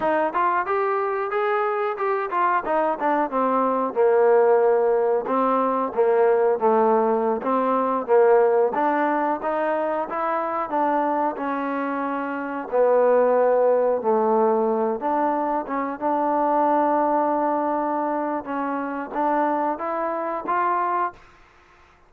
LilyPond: \new Staff \with { instrumentName = "trombone" } { \time 4/4 \tempo 4 = 91 dis'8 f'8 g'4 gis'4 g'8 f'8 | dis'8 d'8 c'4 ais2 | c'4 ais4 a4~ a16 c'8.~ | c'16 ais4 d'4 dis'4 e'8.~ |
e'16 d'4 cis'2 b8.~ | b4~ b16 a4. d'4 cis'16~ | cis'16 d'2.~ d'8. | cis'4 d'4 e'4 f'4 | }